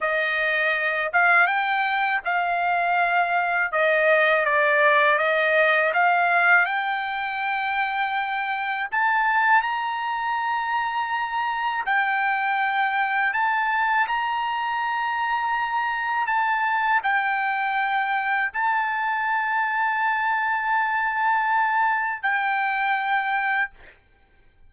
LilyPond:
\new Staff \with { instrumentName = "trumpet" } { \time 4/4 \tempo 4 = 81 dis''4. f''8 g''4 f''4~ | f''4 dis''4 d''4 dis''4 | f''4 g''2. | a''4 ais''2. |
g''2 a''4 ais''4~ | ais''2 a''4 g''4~ | g''4 a''2.~ | a''2 g''2 | }